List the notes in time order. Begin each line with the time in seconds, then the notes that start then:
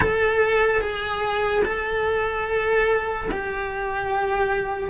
0.00 A4
0.81 G#4
1.64 A4
3.31 G4